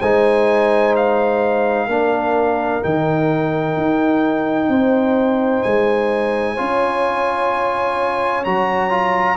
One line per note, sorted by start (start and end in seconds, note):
0.00 1.87 G#3
0.00 1.89 D#4
0.00 1.88 C5
0.00 0.95 G#5
0.96 2.84 F5
1.87 2.81 A#3
1.87 2.82 D4
1.87 4.71 A#4
2.82 3.77 D#3
2.82 6.57 D#4
2.82 5.63 G5
3.77 4.69 D#4
4.69 5.63 C4
4.69 6.55 C5
5.63 6.60 G#3
5.63 8.44 G#5
6.55 8.46 C#4
6.55 8.45 F4
6.55 9.36 C#5
8.45 9.37 F#3
8.45 8.90 F#4
8.45 9.37 A#5
8.90 9.37 F4